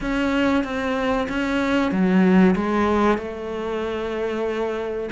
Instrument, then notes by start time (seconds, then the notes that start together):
cello
0.01 C#4
0.64 C4
1.28 C#4
1.91 F#3
2.55 G#3
3.18 A3